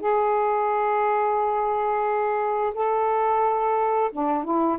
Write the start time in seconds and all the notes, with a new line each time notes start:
0.00 G#4
2.74 A4
4.12 D4
4.44 E4